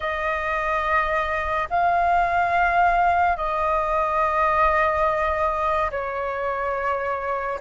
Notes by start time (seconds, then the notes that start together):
0.00 D#5
1.70 F5
3.36 D#5
5.90 C#5